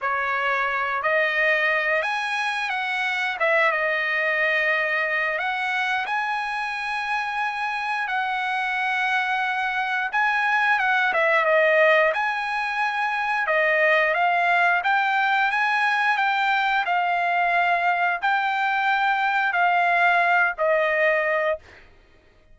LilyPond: \new Staff \with { instrumentName = "trumpet" } { \time 4/4 \tempo 4 = 89 cis''4. dis''4. gis''4 | fis''4 e''8 dis''2~ dis''8 | fis''4 gis''2. | fis''2. gis''4 |
fis''8 e''8 dis''4 gis''2 | dis''4 f''4 g''4 gis''4 | g''4 f''2 g''4~ | g''4 f''4. dis''4. | }